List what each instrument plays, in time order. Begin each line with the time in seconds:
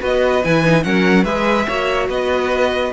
0.00 cello B3, viola F#4, violin B4 D#5
0.44 cello E3, viola E4, violin G#5
0.64 viola D#4
0.83 cello F#3, viola C#4, violin A#4 F#5
1.24 cello G#3, viola G#4, violin B4 E5
1.67 cello A#3, viola F#4, violin C#5
2.08 cello B3, violin B4 D#5